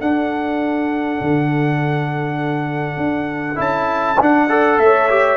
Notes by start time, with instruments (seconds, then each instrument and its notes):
0.00 trombone D4, tuba D4, horn A4, trumpet F#5
1.21 tuba D3
2.97 tuba D4
3.56 tuba C#4, trombone E4, trumpet A5
4.21 trombone D4, tuba D4, trumpet F#5
4.49 trombone A4, horn D5
4.79 tuba A3, horn C#5, trumpet E5
5.10 trombone G4